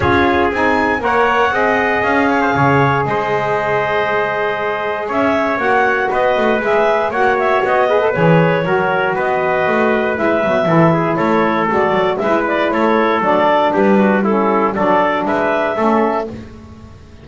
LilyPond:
<<
  \new Staff \with { instrumentName = "clarinet" } { \time 4/4 \tempo 4 = 118 cis''4 gis''4 fis''2 | f''2 dis''2~ | dis''2 e''4 fis''4 | dis''4 e''4 fis''8 e''8 dis''4 |
cis''2 dis''2 | e''2 cis''4 d''4 | e''8 d''8 cis''4 d''4 b'4 | a'4 d''4 e''2 | }
  \new Staff \with { instrumentName = "trumpet" } { \time 4/4 gis'2 cis''4 dis''4~ | dis''8 cis''16 c''16 cis''4 c''2~ | c''2 cis''2 | b'2 cis''4. b'8~ |
b'4 ais'4 b'2~ | b'4 a'8 gis'8 a'2 | b'4 a'2 g'8 fis'8 | e'4 a'4 b'4 a'4 | }
  \new Staff \with { instrumentName = "saxophone" } { \time 4/4 f'4 dis'4 ais'4 gis'4~ | gis'1~ | gis'2. fis'4~ | fis'4 gis'4 fis'4. gis'16 a'16 |
gis'4 fis'2. | e'8 b8 e'2 fis'4 | e'2 d'2 | cis'4 d'2 cis'4 | }
  \new Staff \with { instrumentName = "double bass" } { \time 4/4 cis'4 c'4 ais4 c'4 | cis'4 cis4 gis2~ | gis2 cis'4 ais4 | b8 a8 gis4 ais4 b4 |
e4 fis4 b4 a4 | gis8 fis8 e4 a4 gis8 fis8 | gis4 a4 fis4 g4~ | g4 fis4 gis4 a4 | }
>>